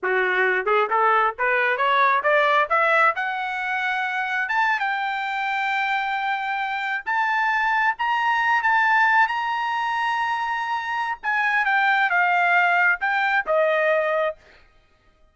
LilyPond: \new Staff \with { instrumentName = "trumpet" } { \time 4/4 \tempo 4 = 134 fis'4. gis'8 a'4 b'4 | cis''4 d''4 e''4 fis''4~ | fis''2 a''8. g''4~ g''16~ | g''2.~ g''8. a''16~ |
a''4.~ a''16 ais''4. a''8.~ | a''8. ais''2.~ ais''16~ | ais''4 gis''4 g''4 f''4~ | f''4 g''4 dis''2 | }